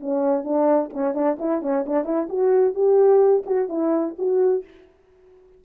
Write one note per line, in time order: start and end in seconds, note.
0.00 0.44 C#4
0.44 0.90 D4
0.93 1.14 C#4
1.14 1.37 D4
1.39 1.62 E4
1.62 1.85 C#4
1.86 2.05 D4
2.05 2.28 E4
2.29 2.74 F#4
2.74 3.43 G4
3.46 3.69 F#4
3.69 4.15 E4
4.18 4.64 F#4